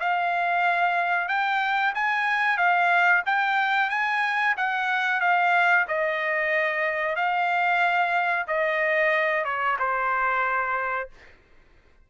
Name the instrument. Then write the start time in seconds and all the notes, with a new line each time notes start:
trumpet
0.00 F5
1.28 G5
1.95 G#5
2.58 F5
3.26 G5
3.90 G#5
4.57 F#5
5.21 F5
5.88 D#5
7.16 F5
8.48 D#5
9.45 C#5
9.79 C5